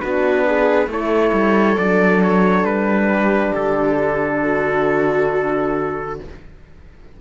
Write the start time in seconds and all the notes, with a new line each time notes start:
0.00 B3 D4 F#4 B4
0.46 G#4
0.86 A3 E4 A4 C#5
1.32 G3
1.77 F#3 D4 D5
2.22 C#5
2.64 G3 B4
3.12 G4
3.55 D3 A4
4.42 F#4